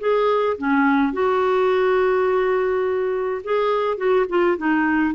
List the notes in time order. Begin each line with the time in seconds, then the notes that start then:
0.00 G#4
0.58 C#4
1.13 F#4
3.44 G#4
3.97 F#4
4.29 F4
4.58 D#4